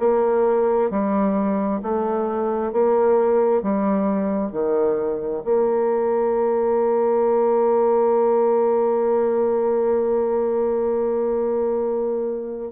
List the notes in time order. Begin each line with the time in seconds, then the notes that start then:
0.00 A#3
0.90 G3
1.83 A3
2.73 A#3
3.63 G3
4.52 D#3
5.45 A#3